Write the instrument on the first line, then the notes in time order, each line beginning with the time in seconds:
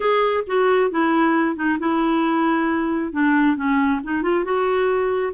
clarinet
0.00 G#4
0.47 F#4
0.90 E4
1.56 D#4
1.79 E4
3.12 D4
3.56 C#4
4.03 D#4
4.22 F4
4.44 F#4